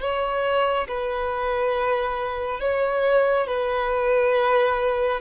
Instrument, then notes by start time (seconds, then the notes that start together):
violin
0.00 C#5
0.88 B4
2.60 C#5
3.47 B4